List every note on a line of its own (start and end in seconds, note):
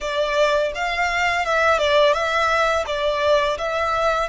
0.00 0.72 D5
0.75 1.45 F5
1.45 1.78 E5
1.78 2.13 D5
2.13 2.84 E5
2.86 3.57 D5
3.58 4.29 E5